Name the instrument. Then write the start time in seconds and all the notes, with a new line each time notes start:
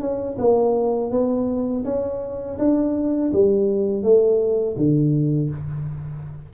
tuba
0.00 C#4
0.38 A#3
1.11 B3
1.84 C#4
2.58 D4
3.32 G3
4.02 A3
4.76 D3